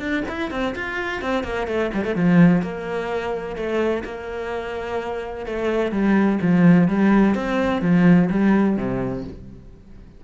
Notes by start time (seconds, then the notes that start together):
0.00 D4
0.29 E4
0.51 C4
0.75 F4
1.22 C4
1.44 A#3
1.67 A3
1.94 G3
2.04 A3
2.15 F3
2.62 A#3
3.56 A3
4.05 A#3
5.47 A3
5.92 G3
6.42 F3
6.88 G3
7.35 C4
7.82 F3
8.30 G3
8.77 C3